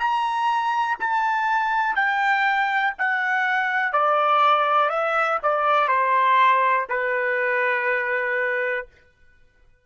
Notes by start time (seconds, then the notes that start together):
0.00 A#5
1.00 A5
1.96 G5
2.98 F#5
3.93 D5
4.90 E5
5.43 D5
5.88 C5
6.90 B4